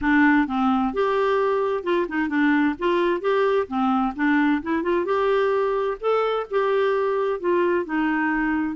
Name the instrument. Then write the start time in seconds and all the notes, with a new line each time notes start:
clarinet
0.01 D4
0.47 C4
0.93 G4
1.83 F4
2.08 D#4
2.28 D4
2.78 F4
3.21 G4
3.67 C4
4.15 D4
4.62 E4
4.83 F4
5.05 G4
6.00 A4
6.50 G4
7.40 F4
7.85 D#4